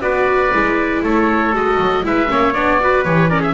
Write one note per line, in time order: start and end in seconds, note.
0.00 0.50 B3
0.00 0.51 F#4
0.00 1.04 B4
0.00 1.02 D5
0.53 1.03 G#3
0.53 1.54 E4
1.03 1.53 A3
1.03 2.05 A4
1.03 1.56 C#5
1.53 1.78 G#3
1.53 2.03 F#4
1.53 2.06 D#5
1.79 2.04 F#3
2.03 2.30 G#3
2.03 2.28 E4
2.03 2.31 B4
2.03 2.54 E5
2.28 2.55 A#3
2.28 2.53 C#4
2.28 2.81 C#5
2.54 3.05 B3
2.54 2.80 D4
2.54 3.04 D5
2.80 3.05 F#4
2.80 3.30 B4
3.04 3.54 E3
3.04 3.30 G4
3.04 3.29 C#5
3.29 3.54 C#4
3.29 3.40 A#4
3.29 3.42 D5
3.40 3.53 G#4
3.40 3.54 E5